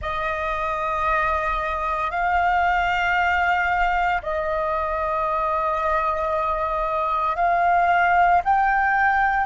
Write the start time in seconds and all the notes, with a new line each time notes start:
0.01 D#5
2.11 F5
4.22 D#5
7.36 F5
8.44 G5